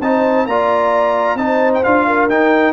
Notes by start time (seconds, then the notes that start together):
0.00 C4 D#4 C5 A5
0.46 A#3 F4 D5 A#5
1.35 C4 D#4 C5 A5
1.74 G5
1.83 D4 F4 F5
2.06 A#4
2.28 D#4 G5